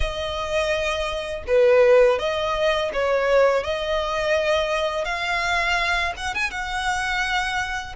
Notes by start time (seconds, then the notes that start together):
0.00 D#5
1.47 B4
2.19 D#5
2.93 C#5
3.63 D#5
5.04 F5
6.16 F#5
6.34 G#5
6.51 F#5